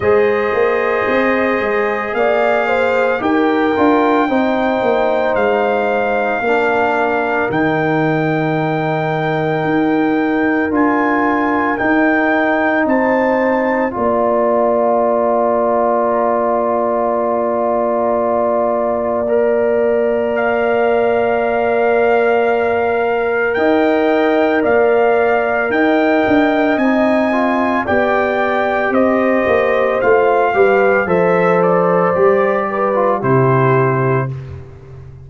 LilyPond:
<<
  \new Staff \with { instrumentName = "trumpet" } { \time 4/4 \tempo 4 = 56 dis''2 f''4 g''4~ | g''4 f''2 g''4~ | g''2 gis''4 g''4 | a''4 ais''2.~ |
ais''2. f''4~ | f''2 g''4 f''4 | g''4 gis''4 g''4 dis''4 | f''4 e''8 d''4. c''4 | }
  \new Staff \with { instrumentName = "horn" } { \time 4/4 c''2 d''8 c''8 ais'4 | c''2 ais'2~ | ais'1 | c''4 d''2.~ |
d''1~ | d''2 dis''4 d''4 | dis''2 d''4 c''4~ | c''8 b'8 c''4. b'8 g'4 | }
  \new Staff \with { instrumentName = "trombone" } { \time 4/4 gis'2. g'8 f'8 | dis'2 d'4 dis'4~ | dis'2 f'4 dis'4~ | dis'4 f'2.~ |
f'2 ais'2~ | ais'1~ | ais'4 dis'8 f'8 g'2 | f'8 g'8 a'4 g'8. f'16 e'4 | }
  \new Staff \with { instrumentName = "tuba" } { \time 4/4 gis8 ais8 c'8 gis8 ais4 dis'8 d'8 | c'8 ais8 gis4 ais4 dis4~ | dis4 dis'4 d'4 dis'4 | c'4 ais2.~ |
ais1~ | ais2 dis'4 ais4 | dis'8 d'8 c'4 b4 c'8 ais8 | a8 g8 f4 g4 c4 | }
>>